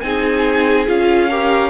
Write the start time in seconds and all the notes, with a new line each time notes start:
0.00 C4 D#4 G#4 G#5
0.86 C#4 F4 F5
1.29 G4 A#4